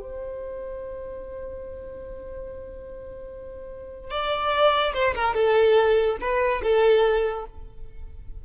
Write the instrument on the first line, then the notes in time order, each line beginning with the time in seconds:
violin
0.00 C5
4.10 D5
4.94 C5
5.15 A#4
5.34 A4
6.21 B4
6.62 A4